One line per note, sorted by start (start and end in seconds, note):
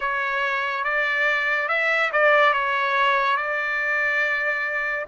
0.00 0.84 C#5
0.84 1.68 D5
1.68 2.10 E5
2.12 2.53 D5
2.53 3.36 C#5
3.36 5.05 D5